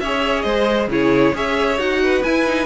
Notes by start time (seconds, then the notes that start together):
0.00 C#4 G#4 C#5 E5
0.42 G#3 C5 D#5
0.88 C#3 E4 G#4 C#5
1.34 C#4 G#4 C#5 E5
1.78 D#4 F#4 F#5
2.03 B4
2.23 E4 G#5
2.46 D#4